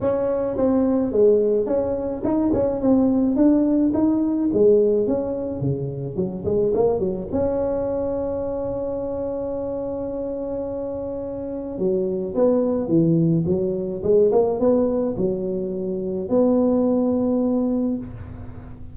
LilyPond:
\new Staff \with { instrumentName = "tuba" } { \time 4/4 \tempo 4 = 107 cis'4 c'4 gis4 cis'4 | dis'8 cis'8 c'4 d'4 dis'4 | gis4 cis'4 cis4 fis8 gis8 | ais8 fis8 cis'2.~ |
cis'1~ | cis'4 fis4 b4 e4 | fis4 gis8 ais8 b4 fis4~ | fis4 b2. | }